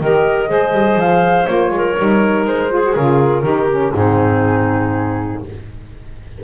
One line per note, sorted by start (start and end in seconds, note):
0.00 0.49 D#3
0.00 0.47 G4
0.00 0.49 A#4
0.00 1.00 D#5
0.47 0.72 G#3
0.47 1.45 G#4
0.47 1.72 C5
0.72 0.95 G3
0.95 1.45 F3
0.95 1.46 F5
1.45 1.69 A#3
1.45 1.95 F4
1.45 2.44 C#5
1.69 1.94 G#3
1.69 2.73 A#4
1.98 2.45 G3
1.98 2.70 D#4
2.45 2.94 G#3
2.45 2.94 C5
2.70 2.82 F4
2.70 3.43 G#4
2.82 2.95 F#4
2.94 3.43 C#3
2.94 3.43 F4
2.94 3.93 A#4
3.43 3.92 D#3
3.43 3.68 D#4
3.43 3.92 G4
3.70 3.94 C#4
3.94 5.41 G#2
3.94 5.41 C4
3.94 5.43 D#4
3.94 5.43 G#4